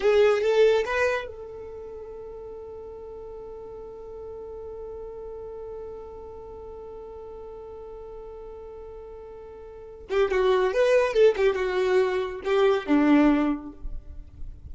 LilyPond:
\new Staff \with { instrumentName = "violin" } { \time 4/4 \tempo 4 = 140 gis'4 a'4 b'4 a'4~ | a'1~ | a'1~ | a'1~ |
a'1~ | a'2.~ a'8 g'8 | fis'4 b'4 a'8 g'8 fis'4~ | fis'4 g'4 d'2 | }